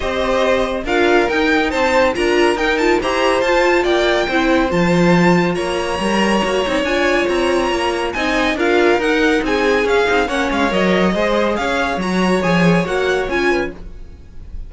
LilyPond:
<<
  \new Staff \with { instrumentName = "violin" } { \time 4/4 \tempo 4 = 140 dis''2 f''4 g''4 | a''4 ais''4 g''8 a''8 ais''4 | a''4 g''2 a''4~ | a''4 ais''2. |
gis''4 ais''2 gis''4 | f''4 fis''4 gis''4 f''4 | fis''8 f''8 dis''2 f''4 | ais''4 gis''4 fis''4 gis''4 | }
  \new Staff \with { instrumentName = "violin" } { \time 4/4 c''2 ais'2 | c''4 ais'2 c''4~ | c''4 d''4 c''2~ | c''4 cis''2.~ |
cis''2. dis''4 | ais'2 gis'2 | cis''2 c''4 cis''4~ | cis''2.~ cis''8 b'8 | }
  \new Staff \with { instrumentName = "viola" } { \time 4/4 g'2 f'4 dis'4~ | dis'4 f'4 dis'8 f'8 g'4 | f'2 e'4 f'4~ | f'2 ais'4 fis'8 dis'8 |
f'2. dis'4 | f'4 dis'2 cis'8 dis'8 | cis'4 ais'4 gis'2 | fis'4 gis'4 fis'4 f'4 | }
  \new Staff \with { instrumentName = "cello" } { \time 4/4 c'2 d'4 dis'4 | c'4 d'4 dis'4 e'4 | f'4 ais4 c'4 f4~ | f4 ais4 g4 ais8 c'8 |
d'4 c'4 ais4 c'4 | d'4 dis'4 c'4 cis'8 c'8 | ais8 gis8 fis4 gis4 cis'4 | fis4 f4 ais4 cis'4 | }
>>